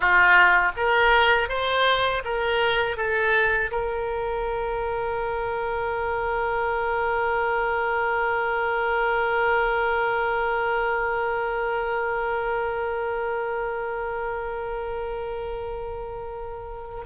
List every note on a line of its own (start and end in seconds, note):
0.00 0.72 F4
0.76 1.48 A#4
1.48 2.22 C5
2.24 2.96 A#4
2.96 3.70 A4
3.71 17.04 A#4